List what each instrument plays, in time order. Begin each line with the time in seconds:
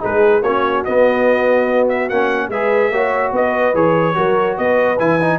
0.00 tuba G#3, trombone D#4, horn G#4, trumpet B4
0.41 tuba A#3, trombone C#4, horn F#4, trumpet C#5
0.84 trombone B3, tuba B3, trumpet D#5
1.88 trumpet E5
2.09 tuba A#3, trombone C#4, trumpet F#5
2.49 tuba G#3, trombone G#4, horn B4, trumpet E5
2.90 tuba A#3, trombone F#4, horn C#5
3.32 tuba B3, horn B4, trumpet D#5
3.74 tuba E3, trombone G#4, trumpet C#5
4.14 tuba F#3, trombone F#4, horn A#4
4.57 tuba B3, horn B4, trumpet D#5
4.99 tuba E3, trombone E4, trumpet G#5
5.21 trombone D#4